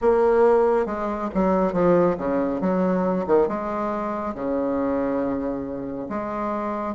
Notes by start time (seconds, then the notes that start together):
0.01 A#3
0.85 G#3
1.34 F#3
1.72 F3
2.17 C#3
2.60 F#3
3.26 D#3
3.48 G#3
4.34 C#3
6.09 G#3